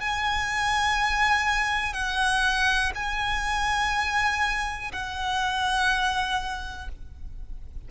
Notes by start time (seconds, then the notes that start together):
0.00 G#5
1.94 F#5
2.95 G#5
4.92 F#5